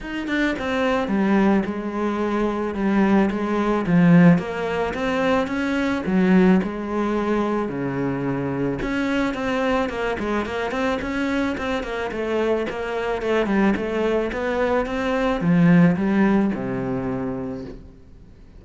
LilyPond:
\new Staff \with { instrumentName = "cello" } { \time 4/4 \tempo 4 = 109 dis'8 d'8 c'4 g4 gis4~ | gis4 g4 gis4 f4 | ais4 c'4 cis'4 fis4 | gis2 cis2 |
cis'4 c'4 ais8 gis8 ais8 c'8 | cis'4 c'8 ais8 a4 ais4 | a8 g8 a4 b4 c'4 | f4 g4 c2 | }